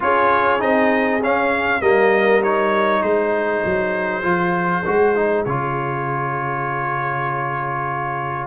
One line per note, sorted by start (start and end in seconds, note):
0.00 0.61 C#4
0.00 0.59 F4
0.00 1.81 G#4
0.00 0.61 C#5
0.59 1.21 C4
0.59 1.20 D#4
0.59 1.21 D#5
1.21 1.80 C#4
1.21 1.81 C#4
1.21 1.81 F5
1.80 3.02 G3
1.80 2.41 A#3
1.80 3.02 A#4
1.80 2.42 D#5
2.42 4.22 D#4
2.42 3.02 C#5
3.02 3.63 G#3
3.02 8.47 G#4
3.02 5.44 C5
3.65 4.23 F#3
4.22 4.84 F3
4.22 4.83 F4
4.85 5.45 G#3
4.85 5.15 F#4
5.15 5.46 D#4
5.45 8.47 C#3
5.45 8.47 F4
5.45 8.47 C#5